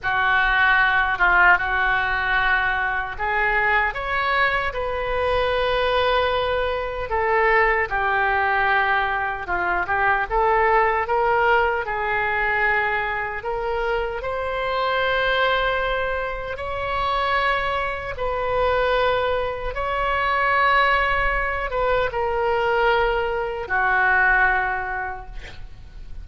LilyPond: \new Staff \with { instrumentName = "oboe" } { \time 4/4 \tempo 4 = 76 fis'4. f'8 fis'2 | gis'4 cis''4 b'2~ | b'4 a'4 g'2 | f'8 g'8 a'4 ais'4 gis'4~ |
gis'4 ais'4 c''2~ | c''4 cis''2 b'4~ | b'4 cis''2~ cis''8 b'8 | ais'2 fis'2 | }